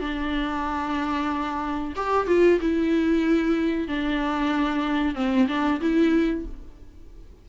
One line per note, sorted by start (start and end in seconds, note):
0.00 1.94 D4
1.96 2.27 G4
2.27 2.59 F4
2.60 3.88 E4
3.88 5.15 D4
5.15 5.47 C4
5.48 5.80 D4
5.81 6.45 E4